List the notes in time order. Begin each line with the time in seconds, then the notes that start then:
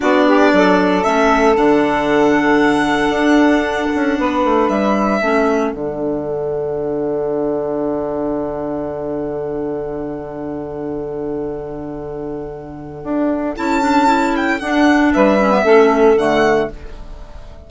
0.00 B3 D4 F#4 D5
0.26 G4
0.52 F#3 A4
1.03 A3 C#4 E5
1.55 D3 D4 F#5
3.09 D4
3.95 C#4
4.19 B3 B4
4.44 A3
4.68 G3 E5
5.21 A3 C#4 A4
5.72 D3 D4 F#5
13.03 D4
13.56 C#4 E4 A5
13.81 D4
14.06 E4
14.36 G5
14.59 D4 F#5
15.13 G3 B4 E5
15.40 C#4
15.51 B3
15.63 A3 C#4 A4
16.16 D3 A3 F#5